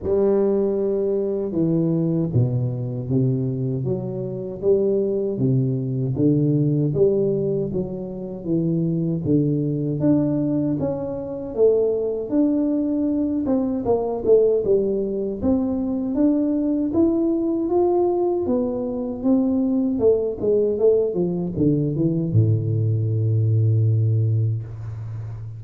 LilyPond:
\new Staff \with { instrumentName = "tuba" } { \time 4/4 \tempo 4 = 78 g2 e4 b,4 | c4 fis4 g4 c4 | d4 g4 fis4 e4 | d4 d'4 cis'4 a4 |
d'4. c'8 ais8 a8 g4 | c'4 d'4 e'4 f'4 | b4 c'4 a8 gis8 a8 f8 | d8 e8 a,2. | }